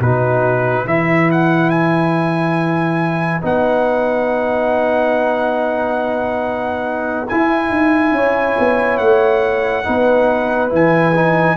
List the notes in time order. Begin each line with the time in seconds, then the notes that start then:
0.00 B2 D#4 F#4 B4
0.86 E3 E4 B4 E5
1.32 F#5
1.70 G#5
3.42 B3 D#4 F#5
7.29 E4 G#5
7.71 D#4
8.12 C#4 C#5
8.59 B3
8.98 A3 F#5
9.84 B3 D#4 B4
10.70 E3 E4 G#5
11.16 D#4